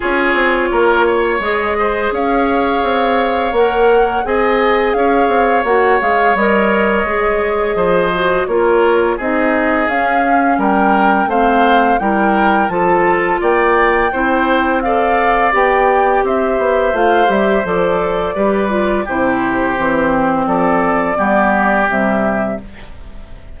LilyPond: <<
  \new Staff \with { instrumentName = "flute" } { \time 4/4 \tempo 4 = 85 cis''2 dis''4 f''4~ | f''4 fis''4 gis''4 f''4 | fis''8 f''8 dis''2. | cis''4 dis''4 f''4 g''4 |
f''4 g''4 a''4 g''4~ | g''4 f''4 g''4 e''4 | f''8 e''8 d''2 c''4~ | c''4 d''2 e''4 | }
  \new Staff \with { instrumentName = "oboe" } { \time 4/4 gis'4 ais'8 cis''4 c''8 cis''4~ | cis''2 dis''4 cis''4~ | cis''2. c''4 | ais'4 gis'2 ais'4 |
c''4 ais'4 a'4 d''4 | c''4 d''2 c''4~ | c''2 b'4 g'4~ | g'4 a'4 g'2 | }
  \new Staff \with { instrumentName = "clarinet" } { \time 4/4 f'2 gis'2~ | gis'4 ais'4 gis'2 | fis'8 gis'8 ais'4 gis'4. fis'8 | f'4 dis'4 cis'2 |
c'4 e'4 f'2 | e'4 a'4 g'2 | f'8 g'8 a'4 g'8 f'8 e'4 | c'2 b4 g4 | }
  \new Staff \with { instrumentName = "bassoon" } { \time 4/4 cis'8 c'8 ais4 gis4 cis'4 | c'4 ais4 c'4 cis'8 c'8 | ais8 gis8 g4 gis4 f4 | ais4 c'4 cis'4 g4 |
a4 g4 f4 ais4 | c'2 b4 c'8 b8 | a8 g8 f4 g4 c4 | e4 f4 g4 c4 | }
>>